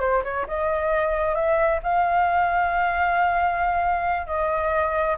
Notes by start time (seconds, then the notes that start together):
0.00 C5
0.24 C#5
0.47 D#5
1.35 E5
1.83 F5
4.26 D#5